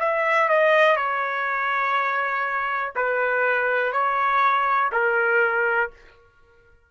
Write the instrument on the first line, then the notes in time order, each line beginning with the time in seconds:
trumpet
0.00 E5
0.49 D#5
0.97 C#5
2.96 B4
3.93 C#5
4.92 A#4